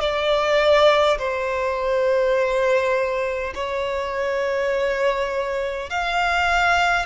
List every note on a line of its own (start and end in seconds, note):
0.00 1.18 D5
1.18 3.53 C5
3.54 5.89 C#5
5.89 7.05 F5